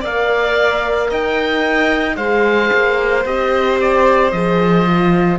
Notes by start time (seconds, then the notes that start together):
0.00 A#3 A#4 D5 F5
1.10 D#4 D#5 G5
2.15 G#3 G#4 C5 F5
2.73 A#3
3.25 C4 G4 D#5
3.80 D5
4.31 F3 G#4 D#5
4.86 F4